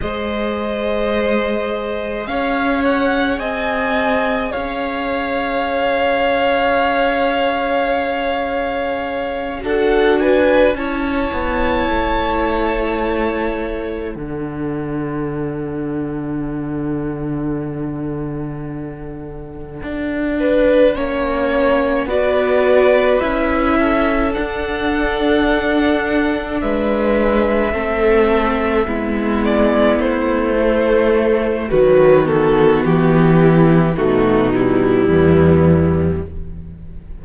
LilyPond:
<<
  \new Staff \with { instrumentName = "violin" } { \time 4/4 \tempo 4 = 53 dis''2 f''8 fis''8 gis''4 | f''1~ | f''8 fis''8 gis''8 a''2~ a''8~ | a''8 fis''2.~ fis''8~ |
fis''2.~ fis''8 d''8~ | d''8 e''4 fis''2 e''8~ | e''2 d''8 c''4. | b'8 a'8 g'4 fis'8 e'4. | }
  \new Staff \with { instrumentName = "violin" } { \time 4/4 c''2 cis''4 dis''4 | cis''1~ | cis''8 a'8 b'8 cis''2~ cis''8~ | cis''8 a'2.~ a'8~ |
a'2 b'8 cis''4 b'8~ | b'4 a'2~ a'8 b'8~ | b'8 a'4 e'2~ e'8 | fis'4. e'8 dis'4 b4 | }
  \new Staff \with { instrumentName = "viola" } { \time 4/4 gis'1~ | gis'1~ | gis'8 fis'4 e'2~ e'8~ | e'8 d'2.~ d'8~ |
d'2~ d'8 cis'4 fis'8~ | fis'8 e'4 d'2~ d'8~ | d'8 c'4 b4. a4 | fis8 b4. a8 g4. | }
  \new Staff \with { instrumentName = "cello" } { \time 4/4 gis2 cis'4 c'4 | cis'1~ | cis'8 d'4 cis'8 b8 a4.~ | a8 d2.~ d8~ |
d4. d'4 ais4 b8~ | b8 cis'4 d'2 gis8~ | gis8 a4 gis4 a4. | dis4 e4 b,4 e,4 | }
>>